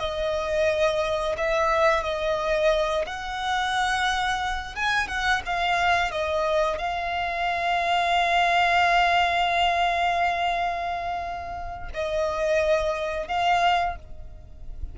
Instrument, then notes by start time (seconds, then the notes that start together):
violin
0.00 D#5
1.38 E5
2.04 D#5
3.07 F#5
4.76 G#5
5.08 F#5
5.46 F5
6.12 D#5
6.79 F5
11.94 D#5
13.28 F5